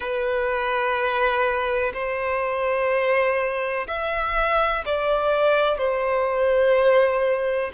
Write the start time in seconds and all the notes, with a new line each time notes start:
0.00 B4
1.93 C5
3.87 E5
4.85 D5
5.78 C5